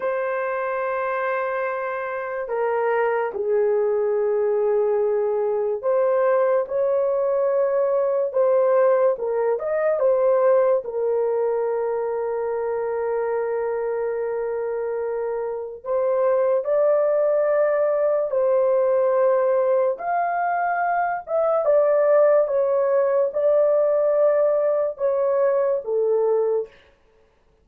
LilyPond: \new Staff \with { instrumentName = "horn" } { \time 4/4 \tempo 4 = 72 c''2. ais'4 | gis'2. c''4 | cis''2 c''4 ais'8 dis''8 | c''4 ais'2.~ |
ais'2. c''4 | d''2 c''2 | f''4. e''8 d''4 cis''4 | d''2 cis''4 a'4 | }